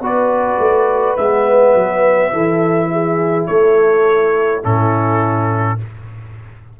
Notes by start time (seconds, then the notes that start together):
0.00 B3 F#4 B4 D5
0.58 A3
1.17 G#3 B3 E5
1.74 F#3
2.32 E3 E4 A4
2.92 G#4
3.46 A3 A4 C#5
4.62 A2 C#4 E4 A4